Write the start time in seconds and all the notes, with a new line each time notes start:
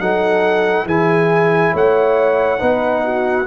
0.00 F#3 D#4 A4 F#5
0.86 E3 E4 G#4 G#5
1.74 A3 C#5 F#5
2.59 B3 D#4 B4
3.05 F#4